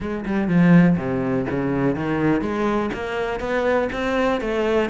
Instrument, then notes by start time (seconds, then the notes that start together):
cello
0.00 G#3
0.25 G3
0.48 F3
0.97 C3
1.50 C#3
1.95 D#3
2.41 G#3
2.93 A#3
3.40 B3
3.92 C4
4.41 A3